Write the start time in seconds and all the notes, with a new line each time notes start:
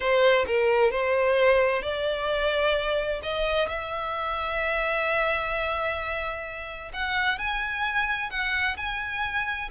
0.00 C5
0.47 A#4
0.91 C5
1.82 D5
3.22 D#5
3.68 E5
6.93 F#5
7.38 G#5
8.30 F#5
8.77 G#5